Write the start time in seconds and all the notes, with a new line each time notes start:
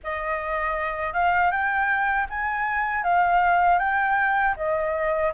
0.03 D#5
1.13 F5
1.51 G5
2.29 G#5
3.03 F5
3.78 G5
4.56 D#5